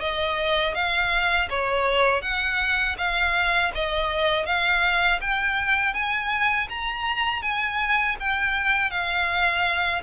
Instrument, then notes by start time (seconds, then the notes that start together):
violin
0.00 D#5
0.74 F5
1.49 C#5
2.22 F#5
2.98 F5
3.74 D#5
4.45 F5
5.21 G5
5.94 G#5
6.69 A#5
7.42 G#5
8.19 G5
8.90 F5